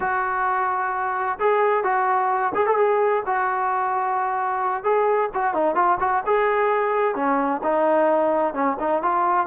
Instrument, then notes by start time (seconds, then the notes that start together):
trombone
0.00 F#4
1.39 G#4
1.83 F#4
2.54 G#4
2.66 A4
2.77 G#4
3.25 F#4
4.83 G#4
5.33 F#4
5.53 D#4
5.75 F4
6.00 F#4
6.26 G#4
7.15 C#4
7.63 D#4
8.53 C#4
8.79 D#4
9.02 F4